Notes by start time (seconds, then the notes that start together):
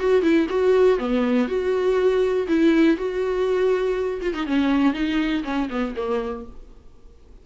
0.00 F#4
0.23 E4
0.50 F#4
0.99 B3
1.48 F#4
2.48 E4
2.98 F#4
4.22 F4
4.34 D#4
4.47 C#4
4.94 D#4
5.44 C#4
5.70 B3
5.97 A#3